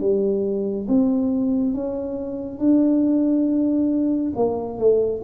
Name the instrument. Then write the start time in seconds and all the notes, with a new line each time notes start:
tuba
0.00 G3
0.88 C4
1.74 C#4
2.59 D4
4.36 A#3
4.79 A3